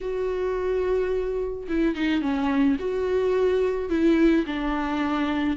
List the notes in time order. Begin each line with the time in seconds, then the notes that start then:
0.01 F#4
1.68 E4
1.95 D#4
2.21 C#4
2.79 F#4
3.89 E4
4.46 D4